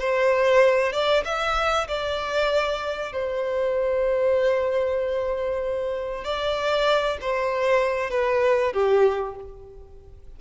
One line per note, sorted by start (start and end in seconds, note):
0.00 0.93 C5
0.93 1.24 D5
1.25 1.88 E5
1.88 3.13 D5
3.13 6.25 C5
6.25 7.18 D5
7.21 8.11 C5
8.11 8.73 B4
8.74 9.36 G4